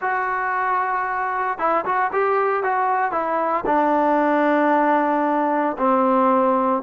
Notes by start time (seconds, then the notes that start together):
0.01 F#4
1.58 E4
1.85 F#4
2.12 G4
2.63 F#4
3.11 E4
3.66 D4
5.78 C4